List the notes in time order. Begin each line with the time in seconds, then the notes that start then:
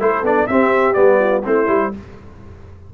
0.00 A3 E4 A4 C5
0.22 B3 D4 D5
0.47 C4 G4 E5
0.94 G3 B3 D5
1.19 F4
1.44 A3 C4 E4 C5
1.67 G3 E4